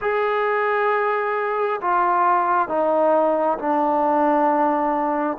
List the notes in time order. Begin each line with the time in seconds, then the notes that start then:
0.01 G#4
1.81 F4
2.68 D#4
3.58 D4